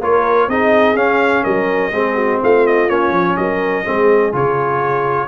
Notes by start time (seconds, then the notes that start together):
0.00 A#3 F4 A#4 C#5
0.48 C4 D#4 G#4 D#5
0.95 C#4 F5
1.43 F#3 A#4 D#5
1.92 G#3 C4 G#4
2.15 F#4
2.42 A3 F4 F5
2.66 D#5
2.88 A#3 C#4 C#5
3.11 F3
3.36 F#3 A#4 D#5
3.84 G#3 C4 G#4
4.32 C#3 F4 C#5